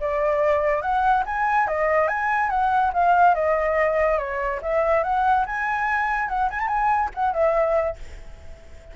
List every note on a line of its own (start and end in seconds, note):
0.00 0.81 D5
0.81 1.23 F#5
1.26 1.67 G#5
1.67 2.08 D#5
2.08 2.50 G#5
2.50 2.92 F#5
2.93 3.34 F5
3.34 4.18 D#5
4.18 4.60 C#5
4.62 5.03 E5
5.03 5.45 F#5
5.46 6.28 G#5
6.28 6.49 F#5
6.50 6.59 G#5
6.59 6.67 A5
6.67 7.09 G#5
7.14 7.33 F#5
7.33 7.96 E5